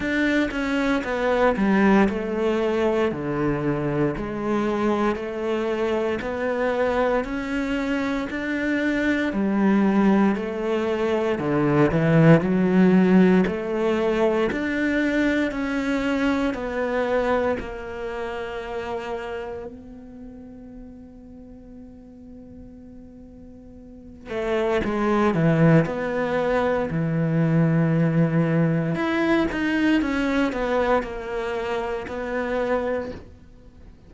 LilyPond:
\new Staff \with { instrumentName = "cello" } { \time 4/4 \tempo 4 = 58 d'8 cis'8 b8 g8 a4 d4 | gis4 a4 b4 cis'4 | d'4 g4 a4 d8 e8 | fis4 a4 d'4 cis'4 |
b4 ais2 b4~ | b2.~ b8 a8 | gis8 e8 b4 e2 | e'8 dis'8 cis'8 b8 ais4 b4 | }